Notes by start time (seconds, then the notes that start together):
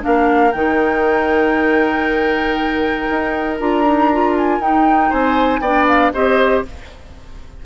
0.00 A#3 D4 A#4 F5
0.52 D#3 D#4 G5
3.10 D#4
3.60 D4 F4 A#5
3.85 D#4
4.12 F4
4.36 G#5
4.59 D#4 G5
5.09 C4 C5 G#5
5.60 B3 D4 D5 G5
5.88 F5
6.13 C4 G4 C5 D#5